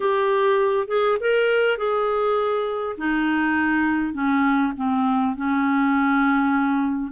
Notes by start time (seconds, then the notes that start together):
0.00 G4
0.87 G#4
1.20 A#4
1.77 G#4
2.97 D#4
4.13 C#4
4.76 C4
5.36 C#4